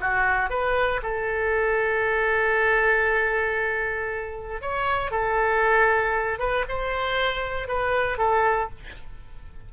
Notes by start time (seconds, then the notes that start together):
0.00 F#4
0.49 B4
1.02 A4
4.61 C#5
5.11 A4
6.39 B4
6.68 C5
7.67 B4
8.17 A4